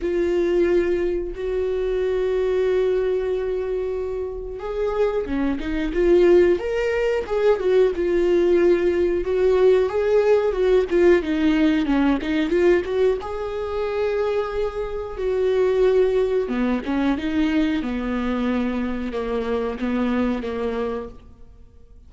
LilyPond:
\new Staff \with { instrumentName = "viola" } { \time 4/4 \tempo 4 = 91 f'2 fis'2~ | fis'2. gis'4 | cis'8 dis'8 f'4 ais'4 gis'8 fis'8 | f'2 fis'4 gis'4 |
fis'8 f'8 dis'4 cis'8 dis'8 f'8 fis'8 | gis'2. fis'4~ | fis'4 b8 cis'8 dis'4 b4~ | b4 ais4 b4 ais4 | }